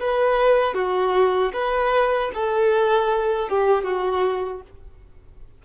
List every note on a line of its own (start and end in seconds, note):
0.00 0.74 B4
0.74 1.52 F#4
1.53 2.31 B4
2.34 3.49 A4
3.49 3.84 G4
3.84 4.62 F#4